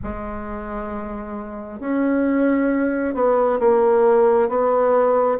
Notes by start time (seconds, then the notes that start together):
0.03 G#3
1.80 C#4
3.14 B3
3.59 A#3
4.48 B3